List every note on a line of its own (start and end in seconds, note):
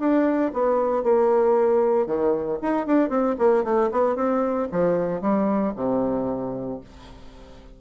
0.00 0.52 D4
0.54 1.03 B3
1.03 2.07 A#3
2.07 2.59 D#3
2.62 2.87 D#4
2.87 3.10 D4
3.10 3.36 C4
3.39 3.64 A#3
3.64 3.90 A3
3.92 4.16 B3
4.16 4.68 C4
4.72 5.22 F3
5.22 5.74 G3
5.76 6.81 C3